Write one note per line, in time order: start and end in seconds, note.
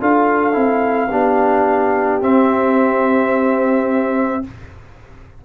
0.00 0.56 D4
0.00 0.53 F4
0.00 1.11 A4
0.00 2.22 F5
0.53 1.11 C4
0.53 1.08 E4
1.11 2.22 B3
1.11 2.22 D4
1.11 4.44 G4
2.22 4.44 C4
2.22 4.45 E5